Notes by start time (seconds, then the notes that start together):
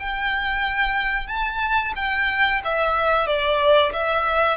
0.00 G5
1.28 A5
1.96 G5
2.65 E5
3.27 D5
3.93 E5